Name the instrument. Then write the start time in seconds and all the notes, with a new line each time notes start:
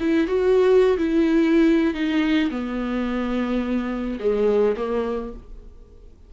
viola
0.00 E4
0.27 F#4
0.97 E4
1.94 D#4
2.50 B3
4.20 G#3
4.76 A#3